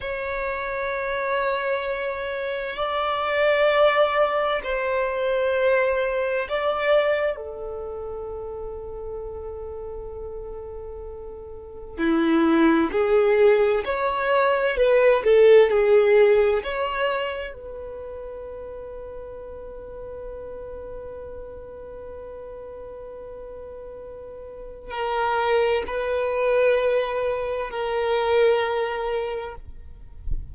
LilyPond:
\new Staff \with { instrumentName = "violin" } { \time 4/4 \tempo 4 = 65 cis''2. d''4~ | d''4 c''2 d''4 | a'1~ | a'4 e'4 gis'4 cis''4 |
b'8 a'8 gis'4 cis''4 b'4~ | b'1~ | b'2. ais'4 | b'2 ais'2 | }